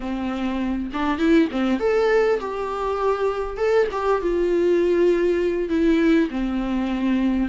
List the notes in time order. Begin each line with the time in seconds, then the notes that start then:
0.00 C4
0.93 D4
1.18 E4
1.51 C4
1.79 A4
2.40 G4
3.57 A4
3.91 G4
4.21 F4
5.69 E4
6.30 C4